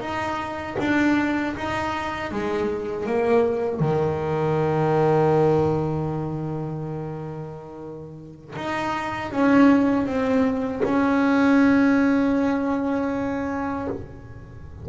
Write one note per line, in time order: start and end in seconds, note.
0.00 0.76 D#4
0.79 1.55 D4
1.56 2.31 D#4
2.31 3.06 G#3
3.06 3.79 A#3
3.79 8.54 D#3
8.56 9.31 D#4
9.31 10.06 C#4
10.06 10.82 C4
10.84 13.87 C#4